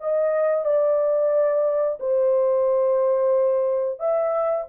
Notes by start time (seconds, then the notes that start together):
0.00 D#5
0.65 D5
2.00 C5
3.99 E5